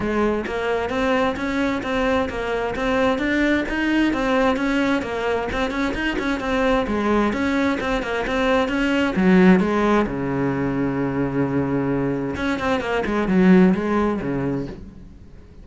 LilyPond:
\new Staff \with { instrumentName = "cello" } { \time 4/4 \tempo 4 = 131 gis4 ais4 c'4 cis'4 | c'4 ais4 c'4 d'4 | dis'4 c'4 cis'4 ais4 | c'8 cis'8 dis'8 cis'8 c'4 gis4 |
cis'4 c'8 ais8 c'4 cis'4 | fis4 gis4 cis2~ | cis2. cis'8 c'8 | ais8 gis8 fis4 gis4 cis4 | }